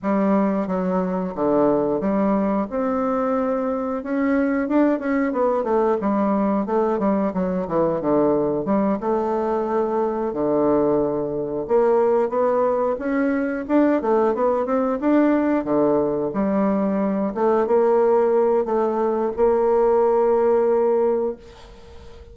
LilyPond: \new Staff \with { instrumentName = "bassoon" } { \time 4/4 \tempo 4 = 90 g4 fis4 d4 g4 | c'2 cis'4 d'8 cis'8 | b8 a8 g4 a8 g8 fis8 e8 | d4 g8 a2 d8~ |
d4. ais4 b4 cis'8~ | cis'8 d'8 a8 b8 c'8 d'4 d8~ | d8 g4. a8 ais4. | a4 ais2. | }